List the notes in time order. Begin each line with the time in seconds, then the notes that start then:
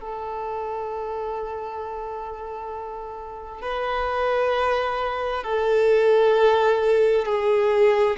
0.00 A4
3.62 B4
5.43 A4
7.25 G#4